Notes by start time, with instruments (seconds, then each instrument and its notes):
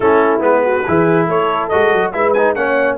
0.00 tuba A3, trombone C#4, horn E4, trumpet A4
0.40 tuba G#3, trombone B3, trumpet B4
0.64 horn F#4
0.87 tuba E3, trombone E4, horn G#4
1.26 tuba A3, horn A4, trumpet C#5
1.69 tuba G#3, trombone F#4, trumpet D#5
1.93 tuba F#3
2.12 tuba G#3, trombone E4, horn B4, trumpet E5
2.33 trombone D#4, trumpet G#5
2.54 tuba A#3, trombone C#4, horn C#5, trumpet F#5